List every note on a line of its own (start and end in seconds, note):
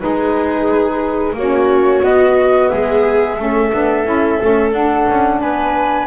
0.00 1.34 G#3
0.00 1.35 D#4
0.00 1.38 G#4
0.00 1.35 B4
1.34 2.01 A#3
1.34 2.72 F#4
1.34 2.05 C#5
1.40 2.02 C#4
2.02 3.37 B3
2.02 2.70 B3
2.02 2.69 D#5
2.69 3.39 G#3
2.69 3.38 G#4
2.69 4.71 E5
3.38 3.73 A3
3.38 3.72 C#4
3.38 5.40 A4
3.72 4.06 B3
3.72 4.06 D4
4.06 4.40 C#4
4.06 4.39 E4
4.40 4.73 A3
4.40 4.73 C#4
4.73 5.07 D4
4.73 6.08 D4
4.73 5.40 F#5
5.10 5.42 C#4
5.41 6.08 B3
5.41 6.08 B4
5.41 6.08 G#5